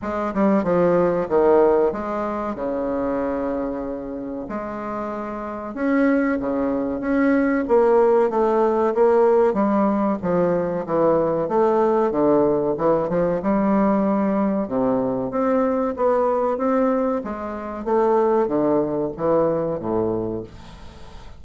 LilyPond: \new Staff \with { instrumentName = "bassoon" } { \time 4/4 \tempo 4 = 94 gis8 g8 f4 dis4 gis4 | cis2. gis4~ | gis4 cis'4 cis4 cis'4 | ais4 a4 ais4 g4 |
f4 e4 a4 d4 | e8 f8 g2 c4 | c'4 b4 c'4 gis4 | a4 d4 e4 a,4 | }